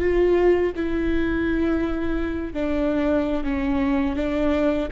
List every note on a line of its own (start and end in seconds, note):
0.00 0.72 F4
0.76 2.53 E4
2.53 3.44 D4
3.44 4.16 C#4
4.16 4.88 D4